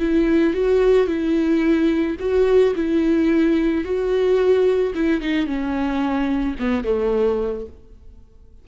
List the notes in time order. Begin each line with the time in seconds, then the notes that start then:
0.00 E4
0.54 F#4
1.08 E4
2.20 F#4
2.76 E4
3.85 F#4
4.95 E4
5.21 D#4
5.47 C#4
6.60 B3
6.84 A3